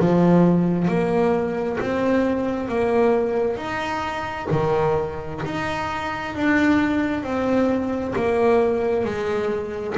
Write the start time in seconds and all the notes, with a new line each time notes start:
0.00 F3
0.88 A#3
1.81 C4
2.69 A#3
3.57 D#4
4.51 D#3
5.45 D#4
6.36 D4
7.24 C4
8.16 A#3
9.05 G#3